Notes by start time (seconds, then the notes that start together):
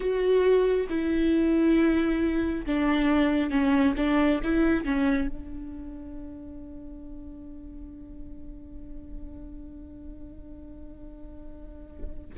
0.00 F#4
0.89 E4
2.66 D4
3.50 C#4
3.97 D4
4.43 E4
4.84 C#4
5.28 D4